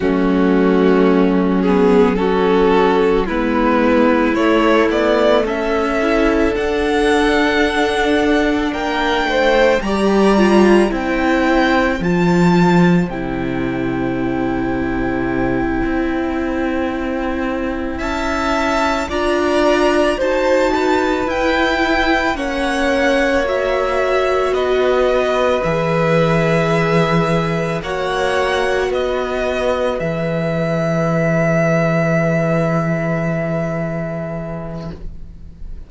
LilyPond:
<<
  \new Staff \with { instrumentName = "violin" } { \time 4/4 \tempo 4 = 55 fis'4. gis'8 a'4 b'4 | cis''8 d''8 e''4 fis''2 | g''4 ais''4 g''4 a''4 | g''1~ |
g''8 a''4 ais''4 a''4 g''8~ | g''8 fis''4 e''4 dis''4 e''8~ | e''4. fis''4 dis''4 e''8~ | e''1 | }
  \new Staff \with { instrumentName = "violin" } { \time 4/4 cis'2 fis'4 e'4~ | e'4 a'2. | ais'8 c''8 d''4 c''2~ | c''1~ |
c''8 e''4 d''4 c''8 b'4~ | b'8 cis''2 b'4.~ | b'4. cis''4 b'4.~ | b'1 | }
  \new Staff \with { instrumentName = "viola" } { \time 4/4 a4. b8 cis'4 b4 | a4. e'8 d'2~ | d'4 g'8 f'8 e'4 f'4 | e'1~ |
e'4. f'4 fis'4 e'8~ | e'8 cis'4 fis'2 gis'8~ | gis'4. fis'2 gis'8~ | gis'1 | }
  \new Staff \with { instrumentName = "cello" } { \time 4/4 fis2. gis4 | a8 b8 cis'4 d'2 | ais8 a8 g4 c'4 f4 | c2~ c8 c'4.~ |
c'8 cis'4 d'4 dis'4 e'8~ | e'8 ais2 b4 e8~ | e4. ais4 b4 e8~ | e1 | }
>>